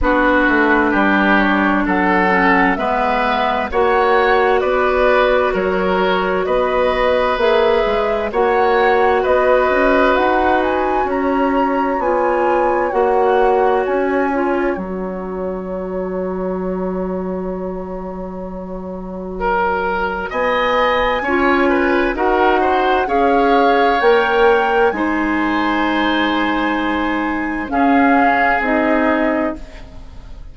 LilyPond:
<<
  \new Staff \with { instrumentName = "flute" } { \time 4/4 \tempo 4 = 65 b'4. cis''8 fis''4 e''4 | fis''4 d''4 cis''4 dis''4 | e''4 fis''4 dis''4 fis''8 gis''8 | ais''4 gis''4 fis''4 gis''4 |
ais''1~ | ais''2 gis''2 | fis''4 f''4 g''4 gis''4~ | gis''2 f''4 dis''4 | }
  \new Staff \with { instrumentName = "oboe" } { \time 4/4 fis'4 g'4 a'4 b'4 | cis''4 b'4 ais'4 b'4~ | b'4 cis''4 b'2 | cis''1~ |
cis''1~ | cis''4 ais'4 dis''4 cis''8 b'8 | ais'8 c''8 cis''2 c''4~ | c''2 gis'2 | }
  \new Staff \with { instrumentName = "clarinet" } { \time 4/4 d'2~ d'8 cis'8 b4 | fis'1 | gis'4 fis'2.~ | fis'4 f'4 fis'4. f'8 |
fis'1~ | fis'2. f'4 | fis'4 gis'4 ais'4 dis'4~ | dis'2 cis'4 dis'4 | }
  \new Staff \with { instrumentName = "bassoon" } { \time 4/4 b8 a8 g4 fis4 gis4 | ais4 b4 fis4 b4 | ais8 gis8 ais4 b8 cis'8 dis'4 | cis'4 b4 ais4 cis'4 |
fis1~ | fis2 b4 cis'4 | dis'4 cis'4 ais4 gis4~ | gis2 cis'4 c'4 | }
>>